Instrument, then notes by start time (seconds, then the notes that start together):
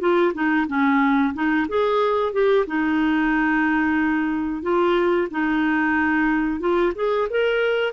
clarinet
0.00 F4
0.34 D#4
0.68 C#4
1.34 D#4
1.68 G#4
2.33 G4
2.67 D#4
4.62 F4
5.31 D#4
6.60 F4
6.95 G#4
7.30 A#4